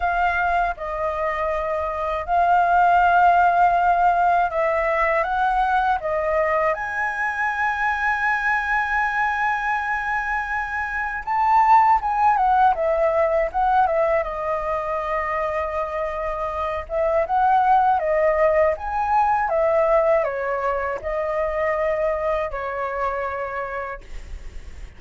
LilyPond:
\new Staff \with { instrumentName = "flute" } { \time 4/4 \tempo 4 = 80 f''4 dis''2 f''4~ | f''2 e''4 fis''4 | dis''4 gis''2.~ | gis''2. a''4 |
gis''8 fis''8 e''4 fis''8 e''8 dis''4~ | dis''2~ dis''8 e''8 fis''4 | dis''4 gis''4 e''4 cis''4 | dis''2 cis''2 | }